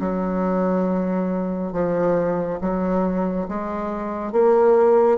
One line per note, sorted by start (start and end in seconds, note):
0.00 1.73 F#3
1.73 2.60 F3
2.61 3.48 F#3
3.49 4.32 G#3
4.32 5.19 A#3